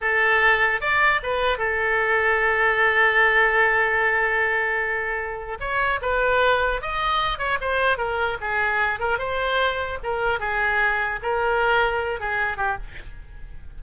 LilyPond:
\new Staff \with { instrumentName = "oboe" } { \time 4/4 \tempo 4 = 150 a'2 d''4 b'4 | a'1~ | a'1~ | a'2 cis''4 b'4~ |
b'4 dis''4. cis''8 c''4 | ais'4 gis'4. ais'8 c''4~ | c''4 ais'4 gis'2 | ais'2~ ais'8 gis'4 g'8 | }